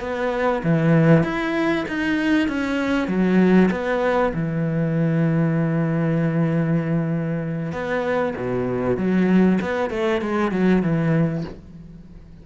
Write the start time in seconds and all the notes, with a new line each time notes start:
0.00 B3
0.63 E3
1.23 E4
1.88 D#4
2.48 C#4
3.08 F#3
3.71 B3
4.34 E3
7.72 B3
8.36 B2
8.97 F#3
9.61 B3
9.90 A3
10.21 G#3
10.51 F#3
10.82 E3